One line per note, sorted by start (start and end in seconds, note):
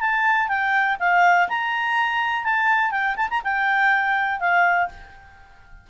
0.00 0.48 A5
0.48 0.97 G5
0.99 1.48 F5
1.48 2.44 A#5
2.44 2.90 A5
2.90 3.15 G5
3.16 3.28 A5
3.29 3.42 A#5
3.43 4.39 G5
4.39 4.88 F5